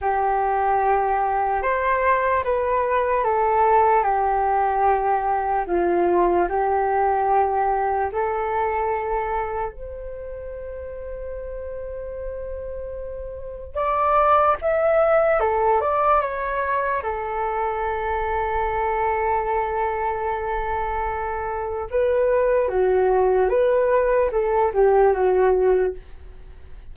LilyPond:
\new Staff \with { instrumentName = "flute" } { \time 4/4 \tempo 4 = 74 g'2 c''4 b'4 | a'4 g'2 f'4 | g'2 a'2 | c''1~ |
c''4 d''4 e''4 a'8 d''8 | cis''4 a'2.~ | a'2. b'4 | fis'4 b'4 a'8 g'8 fis'4 | }